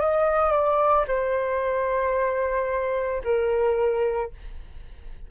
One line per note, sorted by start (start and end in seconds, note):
0.00 0.52 D#5
0.52 1.05 D5
1.08 3.22 C5
3.24 4.31 A#4